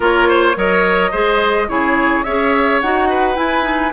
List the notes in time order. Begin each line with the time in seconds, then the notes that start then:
0.00 A#3 F4 A#4 C#5
0.28 C5
0.56 F#3 A#4 C#5 D#5
1.11 G#3 G#4 C5
1.68 C#3 E4 G#4 C#5
2.23 C#4 G#4 C#5 E5
2.80 D#4 F#4 F#5
3.09 B4
3.35 E4 G#5
3.62 D#4